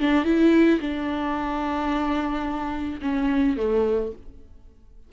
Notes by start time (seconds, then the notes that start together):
0.00 D4
0.24 E4
0.80 D4
3.02 C#4
3.57 A3